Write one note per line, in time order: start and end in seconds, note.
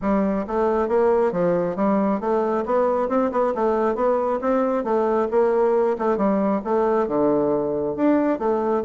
0.01 0.45 G3
0.47 0.88 A3
0.88 1.32 A#3
1.32 1.76 F3
1.76 2.20 G3
2.20 2.64 A3
2.65 3.09 B3
3.09 3.31 C4
3.31 3.53 B3
3.55 3.95 A3
3.95 4.39 B3
4.41 4.83 C4
4.83 5.28 A3
5.30 5.97 A#3
5.98 6.17 A3
6.17 6.61 G3
6.64 7.07 A3
7.07 7.96 D3
7.96 8.38 D4
8.38 8.83 A3